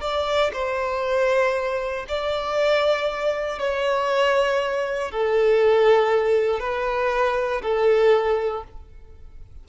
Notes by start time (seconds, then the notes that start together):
0.00 D5
0.53 C5
2.08 D5
3.58 C#5
5.11 A4
6.59 B4
7.62 A4